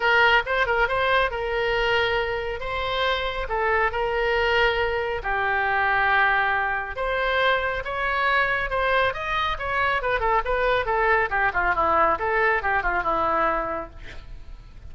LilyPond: \new Staff \with { instrumentName = "oboe" } { \time 4/4 \tempo 4 = 138 ais'4 c''8 ais'8 c''4 ais'4~ | ais'2 c''2 | a'4 ais'2. | g'1 |
c''2 cis''2 | c''4 dis''4 cis''4 b'8 a'8 | b'4 a'4 g'8 f'8 e'4 | a'4 g'8 f'8 e'2 | }